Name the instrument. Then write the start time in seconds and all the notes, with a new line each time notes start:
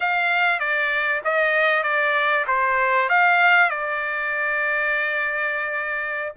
trumpet
0.00 F5
0.59 D5
1.24 D#5
1.83 D5
2.47 C5
3.09 F5
3.70 D5